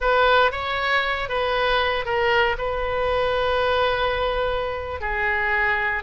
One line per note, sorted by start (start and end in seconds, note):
0.00 0.51 B4
0.51 1.28 C#5
1.28 2.05 B4
2.05 2.56 A#4
2.58 5.00 B4
5.00 6.03 G#4